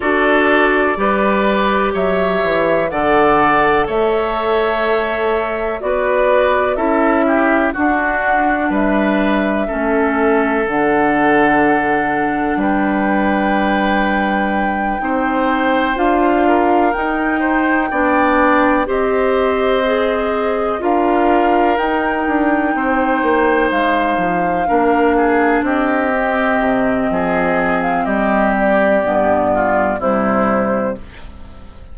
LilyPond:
<<
  \new Staff \with { instrumentName = "flute" } { \time 4/4 \tempo 4 = 62 d''2 e''4 fis''4 | e''2 d''4 e''4 | fis''4 e''2 fis''4~ | fis''4 g''2.~ |
g''8 f''4 g''2 dis''8~ | dis''4. f''4 g''4.~ | g''8 f''2 dis''4.~ | dis''8. f''16 dis''8 d''4. c''4 | }
  \new Staff \with { instrumentName = "oboe" } { \time 4/4 a'4 b'4 cis''4 d''4 | cis''2 b'4 a'8 g'8 | fis'4 b'4 a'2~ | a'4 b'2~ b'8 c''8~ |
c''4 ais'4 c''8 d''4 c''8~ | c''4. ais'2 c''8~ | c''4. ais'8 gis'8 g'4. | gis'4 g'4. f'8 e'4 | }
  \new Staff \with { instrumentName = "clarinet" } { \time 4/4 fis'4 g'2 a'4~ | a'2 fis'4 e'4 | d'2 cis'4 d'4~ | d'2.~ d'8 dis'8~ |
dis'8 f'4 dis'4 d'4 g'8~ | g'8 gis'4 f'4 dis'4.~ | dis'4. d'4. c'4~ | c'2 b4 g4 | }
  \new Staff \with { instrumentName = "bassoon" } { \time 4/4 d'4 g4 fis8 e8 d4 | a2 b4 cis'4 | d'4 g4 a4 d4~ | d4 g2~ g8 c'8~ |
c'8 d'4 dis'4 b4 c'8~ | c'4. d'4 dis'8 d'8 c'8 | ais8 gis8 f8 ais4 c'4 c8 | f4 g4 g,4 c4 | }
>>